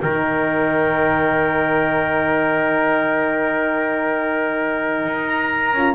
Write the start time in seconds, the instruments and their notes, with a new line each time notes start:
0.00 double bass D#3, horn D#4, trumpet A#4, clarinet G5
5.06 double bass D#4
5.28 clarinet A#5
5.73 double bass C#4, horn F4